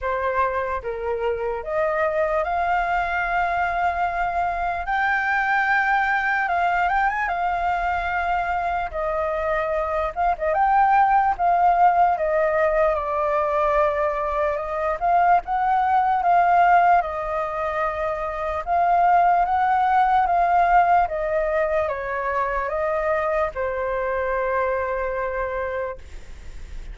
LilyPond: \new Staff \with { instrumentName = "flute" } { \time 4/4 \tempo 4 = 74 c''4 ais'4 dis''4 f''4~ | f''2 g''2 | f''8 g''16 gis''16 f''2 dis''4~ | dis''8 f''16 dis''16 g''4 f''4 dis''4 |
d''2 dis''8 f''8 fis''4 | f''4 dis''2 f''4 | fis''4 f''4 dis''4 cis''4 | dis''4 c''2. | }